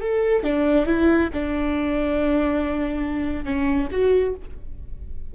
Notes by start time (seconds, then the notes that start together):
0.00 A4
0.43 D4
0.86 E4
1.33 D4
3.44 C#4
3.91 F#4